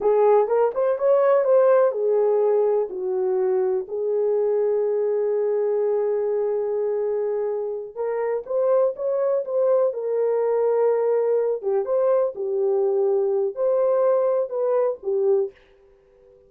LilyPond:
\new Staff \with { instrumentName = "horn" } { \time 4/4 \tempo 4 = 124 gis'4 ais'8 c''8 cis''4 c''4 | gis'2 fis'2 | gis'1~ | gis'1~ |
gis'8 ais'4 c''4 cis''4 c''8~ | c''8 ais'2.~ ais'8 | g'8 c''4 g'2~ g'8 | c''2 b'4 g'4 | }